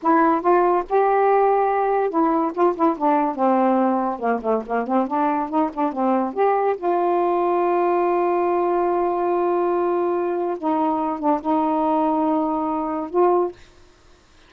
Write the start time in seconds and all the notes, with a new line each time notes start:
0.02 E4
0.41 F4
0.89 G4
2.10 E4
2.54 F4
2.76 E4
2.97 D4
3.35 C4
4.19 A#3
4.42 A3
4.66 A#3
4.87 C4
5.07 D4
5.49 D#4
5.73 D4
5.92 C4
6.33 G4
6.77 F4
10.58 D#4
11.19 D4
11.41 D#4
13.09 F4